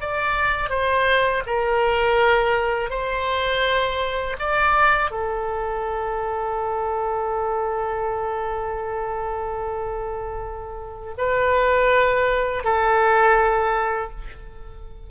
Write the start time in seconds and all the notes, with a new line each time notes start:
0.00 D5
0.69 C5
1.46 A#4
2.90 C5
4.39 D5
5.11 A4
11.17 B4
12.64 A4